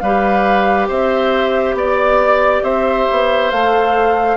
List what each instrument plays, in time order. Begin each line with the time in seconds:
0.00 bassoon G3, clarinet G4, oboe B4, flute F5
0.88 bassoon C4, oboe C5, flute E5
1.74 bassoon B3, oboe D5, flute D5
2.63 bassoon C4, oboe C5, flute E5
3.11 bassoon B3
3.51 bassoon A3, clarinet A4, flute F5